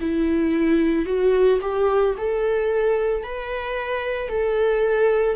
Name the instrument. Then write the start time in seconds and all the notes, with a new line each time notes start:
viola
0.00 E4
1.05 F#4
1.61 G4
2.17 A4
3.23 B4
4.29 A4